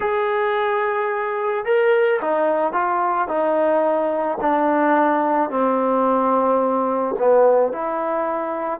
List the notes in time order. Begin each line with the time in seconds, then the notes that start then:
0.00 G#4
1.65 A#4
2.21 D#4
2.72 F4
3.28 D#4
4.40 D4
5.50 C4
7.18 B3
7.72 E4